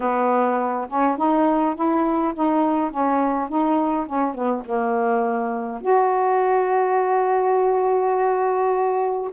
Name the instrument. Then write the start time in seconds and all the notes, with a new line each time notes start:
saxophone
0.00 B3
0.88 C#4
1.17 D#4
1.75 E4
2.34 D#4
2.90 C#4
3.48 D#4
4.06 C#4
4.34 B3
4.65 A#3
5.81 F#4